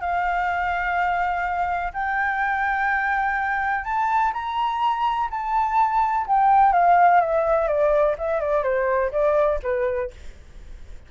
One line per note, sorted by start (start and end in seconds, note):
0.00 1.92 F5
1.93 3.84 G5
3.84 4.32 A5
4.33 5.29 A#5
5.30 6.26 A5
6.26 6.72 G5
6.72 7.20 F5
7.20 7.67 E5
7.67 8.15 D5
8.18 8.40 E5
8.40 8.63 D5
8.63 9.11 C5
9.11 9.59 D5
9.62 10.10 B4